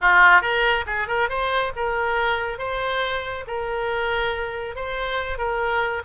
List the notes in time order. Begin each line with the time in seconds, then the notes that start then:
0.01 F4
0.41 A#4
0.86 G#4
1.07 A#4
1.29 C5
1.76 A#4
2.58 C5
3.47 A#4
4.75 C5
5.37 A#4